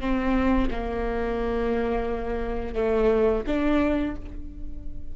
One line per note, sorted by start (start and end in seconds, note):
0.00 0.69 C4
0.70 2.74 A#3
2.74 3.43 A3
3.46 4.15 D4